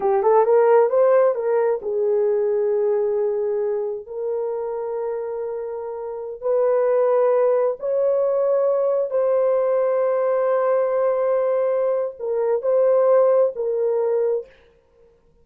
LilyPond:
\new Staff \with { instrumentName = "horn" } { \time 4/4 \tempo 4 = 133 g'8 a'8 ais'4 c''4 ais'4 | gis'1~ | gis'4 ais'2.~ | ais'2~ ais'16 b'4.~ b'16~ |
b'4~ b'16 cis''2~ cis''8.~ | cis''16 c''2.~ c''8.~ | c''2. ais'4 | c''2 ais'2 | }